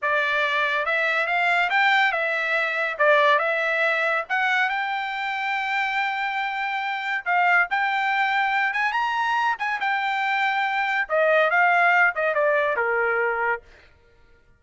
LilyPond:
\new Staff \with { instrumentName = "trumpet" } { \time 4/4 \tempo 4 = 141 d''2 e''4 f''4 | g''4 e''2 d''4 | e''2 fis''4 g''4~ | g''1~ |
g''4 f''4 g''2~ | g''8 gis''8 ais''4. gis''8 g''4~ | g''2 dis''4 f''4~ | f''8 dis''8 d''4 ais'2 | }